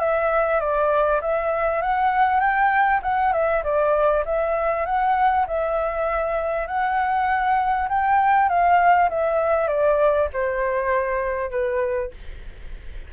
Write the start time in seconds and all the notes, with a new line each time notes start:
0.00 E5
0.61 D5
1.21 E5
1.82 F#5
2.40 G5
3.03 F#5
3.33 E5
3.64 D5
4.26 E5
4.86 F#5
5.47 E5
6.68 F#5
7.89 G5
8.49 F5
9.10 E5
9.68 D5
10.33 C5
11.51 B4